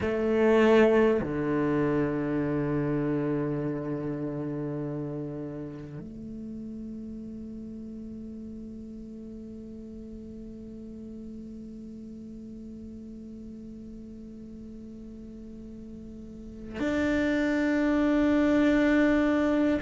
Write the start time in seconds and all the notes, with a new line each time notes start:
0.01 A3
1.21 D3
5.99 A3
16.79 D4